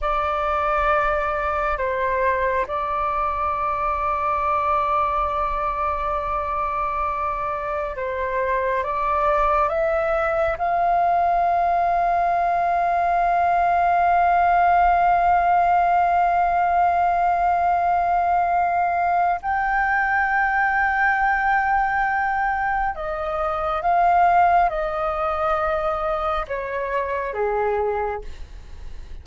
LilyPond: \new Staff \with { instrumentName = "flute" } { \time 4/4 \tempo 4 = 68 d''2 c''4 d''4~ | d''1~ | d''4 c''4 d''4 e''4 | f''1~ |
f''1~ | f''2 g''2~ | g''2 dis''4 f''4 | dis''2 cis''4 gis'4 | }